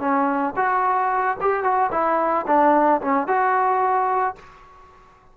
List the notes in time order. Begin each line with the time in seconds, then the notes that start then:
0.00 C#4
0.56 F#4
1.41 G4
1.64 F#4
1.92 E4
2.47 D4
3.02 C#4
3.28 F#4